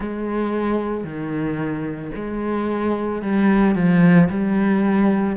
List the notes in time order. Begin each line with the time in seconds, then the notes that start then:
0.00 G#3
1.04 D#3
2.15 G#3
3.21 G3
3.75 F3
4.29 G3